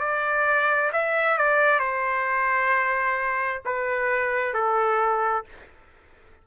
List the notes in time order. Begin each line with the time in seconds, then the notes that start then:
0.00 D5
0.93 E5
1.38 D5
1.80 C5
3.66 B4
4.54 A4